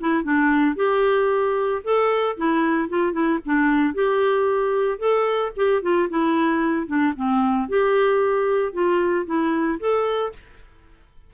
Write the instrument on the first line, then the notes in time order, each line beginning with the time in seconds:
clarinet
0.00 E4
0.23 D4
0.76 G4
1.83 A4
2.37 E4
2.89 F4
3.12 E4
3.45 D4
3.94 G4
4.99 A4
5.56 G4
5.82 F4
6.09 E4
6.87 D4
7.16 C4
7.68 G4
8.73 F4
9.26 E4
9.79 A4